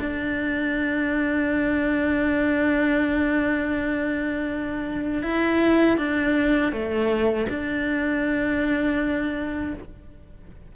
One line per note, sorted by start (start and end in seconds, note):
0.00 5.22 D4
5.22 5.97 E4
5.97 6.72 D4
6.72 7.47 A3
7.49 9.74 D4